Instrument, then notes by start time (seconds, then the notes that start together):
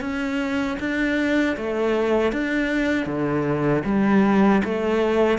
cello
0.00 C#4
0.79 D4
1.56 A3
2.32 D4
3.06 D3
3.85 G3
4.64 A3